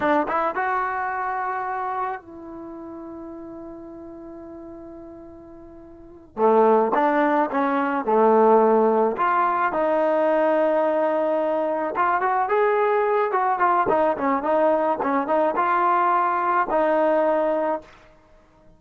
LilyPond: \new Staff \with { instrumentName = "trombone" } { \time 4/4 \tempo 4 = 108 d'8 e'8 fis'2. | e'1~ | e'2.~ e'8 a8~ | a8 d'4 cis'4 a4.~ |
a8 f'4 dis'2~ dis'8~ | dis'4. f'8 fis'8 gis'4. | fis'8 f'8 dis'8 cis'8 dis'4 cis'8 dis'8 | f'2 dis'2 | }